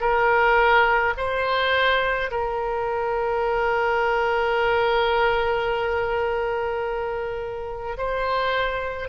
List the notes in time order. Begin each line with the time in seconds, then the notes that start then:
0.00 A#4
1.17 C5
2.31 A#4
7.97 C5